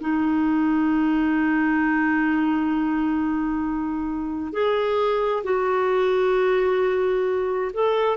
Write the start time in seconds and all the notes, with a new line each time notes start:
0.00 D#4
4.52 G#4
5.44 F#4
7.73 A4